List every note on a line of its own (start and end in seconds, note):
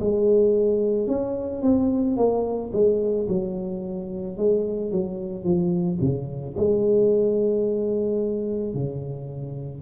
0.00 1.07 G#3
1.07 1.62 C#4
1.62 2.17 C4
2.17 2.71 A#3
2.73 3.27 G#3
3.28 4.37 F#3
4.37 4.91 G#3
4.91 5.44 F#3
5.44 5.99 F3
6.00 6.55 C#3
6.57 8.74 G#3
8.74 9.82 C#3